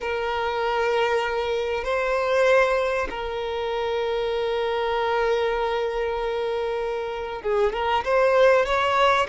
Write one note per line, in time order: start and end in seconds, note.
0.01 1.84 A#4
1.84 3.08 C5
3.09 7.42 A#4
7.42 7.73 G#4
7.73 8.04 A#4
8.04 8.65 C5
8.65 9.27 C#5